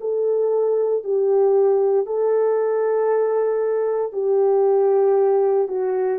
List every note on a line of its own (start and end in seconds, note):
0.00 1.03 A4
1.03 2.05 G4
2.05 4.12 A4
4.12 5.67 G4
5.67 6.19 F#4